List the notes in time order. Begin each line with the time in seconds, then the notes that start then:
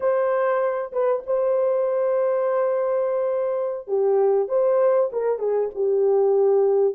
0.00 C5
0.92 B4
1.26 C5
3.87 G4
4.48 C5
5.12 A#4
5.38 G#4
5.74 G4